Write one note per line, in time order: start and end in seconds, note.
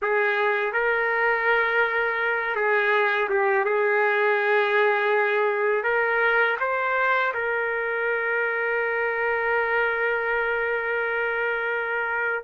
0.02 0.73 G#4
0.73 2.55 A#4
2.55 3.29 G#4
3.29 3.64 G4
3.64 5.83 G#4
5.83 6.57 A#4
6.60 7.33 C5
7.34 12.44 A#4